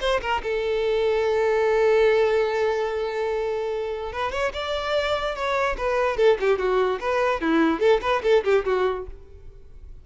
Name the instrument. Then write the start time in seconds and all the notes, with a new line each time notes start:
violin
0.00 C5
0.21 A#4
0.43 A4
4.12 B4
4.32 C#5
4.53 D5
5.35 C#5
5.78 B4
6.17 A4
6.40 G4
6.58 F#4
7.00 B4
7.41 E4
7.80 A4
8.02 B4
8.23 A4
8.44 G4
8.65 F#4